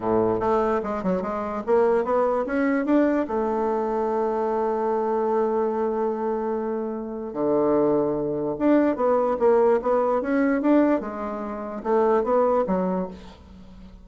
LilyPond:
\new Staff \with { instrumentName = "bassoon" } { \time 4/4 \tempo 4 = 147 a,4 a4 gis8 fis8 gis4 | ais4 b4 cis'4 d'4 | a1~ | a1~ |
a2 d2~ | d4 d'4 b4 ais4 | b4 cis'4 d'4 gis4~ | gis4 a4 b4 fis4 | }